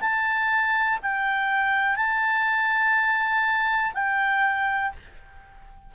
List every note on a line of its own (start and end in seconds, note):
0.00 0.98 A5
1.02 1.96 G5
1.96 3.93 A5
3.94 4.92 G5